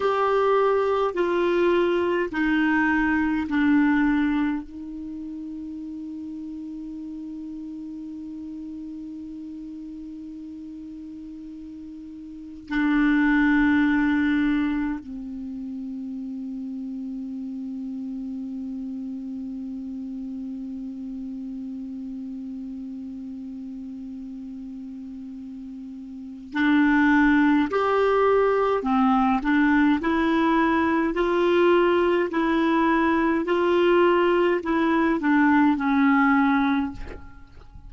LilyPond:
\new Staff \with { instrumentName = "clarinet" } { \time 4/4 \tempo 4 = 52 g'4 f'4 dis'4 d'4 | dis'1~ | dis'2. d'4~ | d'4 c'2.~ |
c'1~ | c'2. d'4 | g'4 c'8 d'8 e'4 f'4 | e'4 f'4 e'8 d'8 cis'4 | }